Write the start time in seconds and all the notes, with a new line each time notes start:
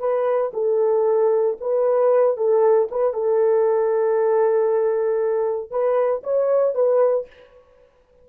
0.00 B4
0.54 A4
1.61 B4
2.37 A4
2.91 B4
3.14 A4
5.71 B4
6.24 C#5
6.75 B4